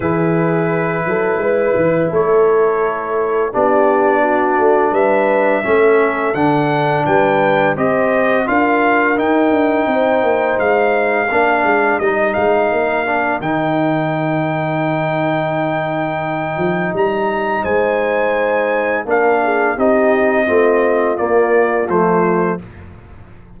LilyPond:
<<
  \new Staff \with { instrumentName = "trumpet" } { \time 4/4 \tempo 4 = 85 b'2. cis''4~ | cis''4 d''2 e''4~ | e''4 fis''4 g''4 dis''4 | f''4 g''2 f''4~ |
f''4 dis''8 f''4. g''4~ | g''1 | ais''4 gis''2 f''4 | dis''2 d''4 c''4 | }
  \new Staff \with { instrumentName = "horn" } { \time 4/4 gis'4. a'8 b'4 a'4~ | a'4 g'4 fis'4 b'4 | a'2 b'4 c''4 | ais'2 c''2 |
ais'1~ | ais'1~ | ais'4 c''2 ais'8 gis'8 | g'4 f'2. | }
  \new Staff \with { instrumentName = "trombone" } { \time 4/4 e'1~ | e'4 d'2. | cis'4 d'2 g'4 | f'4 dis'2. |
d'4 dis'4. d'8 dis'4~ | dis'1~ | dis'2. d'4 | dis'4 c'4 ais4 a4 | }
  \new Staff \with { instrumentName = "tuba" } { \time 4/4 e4. fis8 gis8 e8 a4~ | a4 b4. a8 g4 | a4 d4 g4 c'4 | d'4 dis'8 d'8 c'8 ais8 gis4 |
ais8 gis8 g8 gis8 ais4 dis4~ | dis2.~ dis8 f8 | g4 gis2 ais4 | c'4 a4 ais4 f4 | }
>>